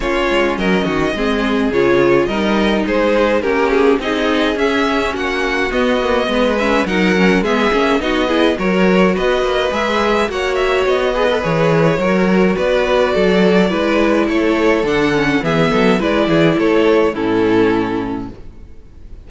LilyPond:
<<
  \new Staff \with { instrumentName = "violin" } { \time 4/4 \tempo 4 = 105 cis''4 dis''2 cis''4 | dis''4 c''4 ais'8 gis'8 dis''4 | e''4 fis''4 dis''4. e''8 | fis''4 e''4 dis''4 cis''4 |
dis''4 e''4 fis''8 e''8 dis''4 | cis''2 d''2~ | d''4 cis''4 fis''4 e''4 | d''4 cis''4 a'2 | }
  \new Staff \with { instrumentName = "violin" } { \time 4/4 f'4 ais'8 fis'8 gis'2 | ais'4 gis'4 g'4 gis'4~ | gis'4 fis'2 b'4 | ais'4 gis'4 fis'8 gis'8 ais'4 |
b'2 cis''4. b'8~ | b'4 ais'4 b'4 a'4 | b'4 a'2 gis'8 a'8 | b'8 gis'8 a'4 e'2 | }
  \new Staff \with { instrumentName = "viola" } { \time 4/4 cis'2 c'4 f'4 | dis'2 cis'4 dis'4 | cis'2 b8 ais8 b8 cis'8 | dis'8 cis'8 b8 cis'8 dis'8 e'8 fis'4~ |
fis'4 gis'4 fis'4. gis'16 a'16 | gis'4 fis'2. | e'2 d'8 cis'8 b4 | e'2 cis'2 | }
  \new Staff \with { instrumentName = "cello" } { \time 4/4 ais8 gis8 fis8 dis8 gis4 cis4 | g4 gis4 ais4 c'4 | cis'4 ais4 b4 gis4 | fis4 gis8 ais8 b4 fis4 |
b8 ais8 gis4 ais4 b4 | e4 fis4 b4 fis4 | gis4 a4 d4 e8 fis8 | gis8 e8 a4 a,2 | }
>>